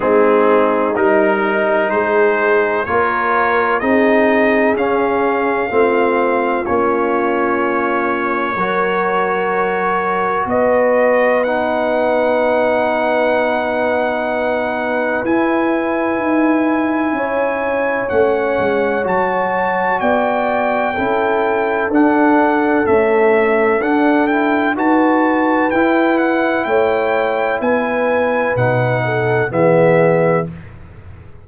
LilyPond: <<
  \new Staff \with { instrumentName = "trumpet" } { \time 4/4 \tempo 4 = 63 gis'4 ais'4 c''4 cis''4 | dis''4 f''2 cis''4~ | cis''2. dis''4 | fis''1 |
gis''2. fis''4 | a''4 g''2 fis''4 | e''4 fis''8 g''8 a''4 g''8 fis''8 | g''4 gis''4 fis''4 e''4 | }
  \new Staff \with { instrumentName = "horn" } { \time 4/4 dis'2 gis'4 ais'4 | gis'2 f'2~ | f'4 ais'2 b'4~ | b'1~ |
b'2 cis''2~ | cis''4 d''4 a'2~ | a'2 b'2 | cis''4 b'4. a'8 gis'4 | }
  \new Staff \with { instrumentName = "trombone" } { \time 4/4 c'4 dis'2 f'4 | dis'4 cis'4 c'4 cis'4~ | cis'4 fis'2. | dis'1 |
e'2. cis'4 | fis'2 e'4 d'4 | a4 d'8 e'8 fis'4 e'4~ | e'2 dis'4 b4 | }
  \new Staff \with { instrumentName = "tuba" } { \time 4/4 gis4 g4 gis4 ais4 | c'4 cis'4 a4 ais4~ | ais4 fis2 b4~ | b1 |
e'4 dis'4 cis'4 a8 gis8 | fis4 b4 cis'4 d'4 | cis'4 d'4 dis'4 e'4 | a4 b4 b,4 e4 | }
>>